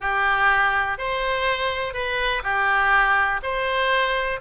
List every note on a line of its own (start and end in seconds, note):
0.00 0.98 G4
0.98 1.93 C5
1.93 2.42 B4
2.43 3.40 G4
3.42 4.40 C5